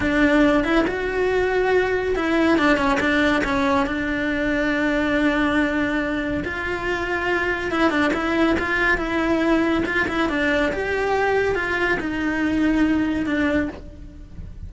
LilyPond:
\new Staff \with { instrumentName = "cello" } { \time 4/4 \tempo 4 = 140 d'4. e'8 fis'2~ | fis'4 e'4 d'8 cis'8 d'4 | cis'4 d'2.~ | d'2. f'4~ |
f'2 e'8 d'8 e'4 | f'4 e'2 f'8 e'8 | d'4 g'2 f'4 | dis'2. d'4 | }